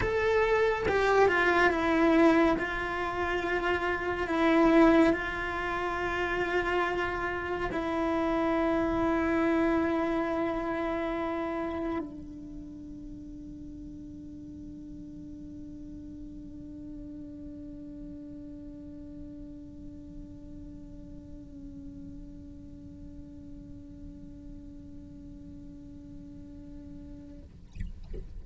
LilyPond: \new Staff \with { instrumentName = "cello" } { \time 4/4 \tempo 4 = 70 a'4 g'8 f'8 e'4 f'4~ | f'4 e'4 f'2~ | f'4 e'2.~ | e'2 d'2~ |
d'1~ | d'1~ | d'1~ | d'1 | }